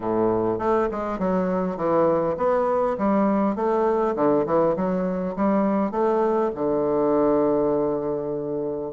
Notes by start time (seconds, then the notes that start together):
0.00 A2
0.58 A3
0.91 G#3
1.19 F#3
1.76 E3
2.37 B3
2.98 G3
3.55 A3
4.15 D3
4.46 E3
4.76 F#3
5.36 G3
5.91 A3
6.54 D3